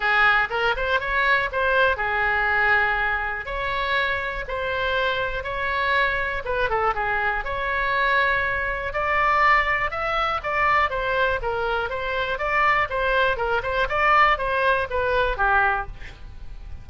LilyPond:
\new Staff \with { instrumentName = "oboe" } { \time 4/4 \tempo 4 = 121 gis'4 ais'8 c''8 cis''4 c''4 | gis'2. cis''4~ | cis''4 c''2 cis''4~ | cis''4 b'8 a'8 gis'4 cis''4~ |
cis''2 d''2 | e''4 d''4 c''4 ais'4 | c''4 d''4 c''4 ais'8 c''8 | d''4 c''4 b'4 g'4 | }